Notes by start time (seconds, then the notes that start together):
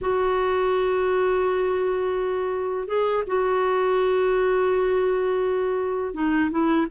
0.01 F#4
2.87 G#4
3.27 F#4
6.14 D#4
6.50 E4